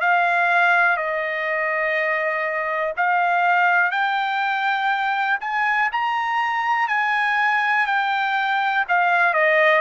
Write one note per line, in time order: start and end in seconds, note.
0.00 0.97 F5
0.97 2.93 D#5
2.96 3.91 F5
3.91 5.38 G5
5.40 5.89 G#5
5.92 6.88 A#5
6.88 7.86 G#5
7.86 8.84 G5
8.88 9.34 F5
9.34 9.81 D#5